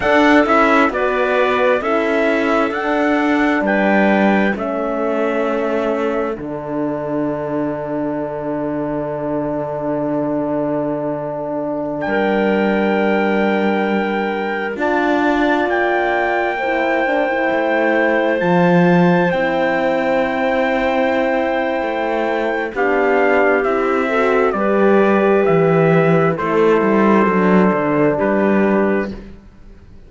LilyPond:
<<
  \new Staff \with { instrumentName = "trumpet" } { \time 4/4 \tempo 4 = 66 fis''8 e''8 d''4 e''4 fis''4 | g''4 e''2 fis''4~ | fis''1~ | fis''4~ fis''16 g''2~ g''8.~ |
g''16 a''4 g''2~ g''8.~ | g''16 a''4 g''2~ g''8.~ | g''4 f''4 e''4 d''4 | e''4 c''2 b'4 | }
  \new Staff \with { instrumentName = "clarinet" } { \time 4/4 a'4 b'4 a'2 | b'4 a'2.~ | a'1~ | a'4~ a'16 ais'2~ ais'8.~ |
ais'16 d''2 c''4.~ c''16~ | c''1~ | c''4 g'4. a'8 b'4~ | b'4 a'2 g'4 | }
  \new Staff \with { instrumentName = "horn" } { \time 4/4 d'8 e'8 fis'4 e'4 d'4~ | d'4 cis'2 d'4~ | d'1~ | d'1~ |
d'16 f'2 e'8 d'16 e'4~ | e'16 f'4 e'2~ e'8.~ | e'4 d'4 e'8 fis'8 g'4~ | g'4 e'4 d'2 | }
  \new Staff \with { instrumentName = "cello" } { \time 4/4 d'8 cis'8 b4 cis'4 d'4 | g4 a2 d4~ | d1~ | d4~ d16 g2~ g8.~ |
g16 d'4 ais2 a8.~ | a16 f4 c'2~ c'8. | a4 b4 c'4 g4 | e4 a8 g8 fis8 d8 g4 | }
>>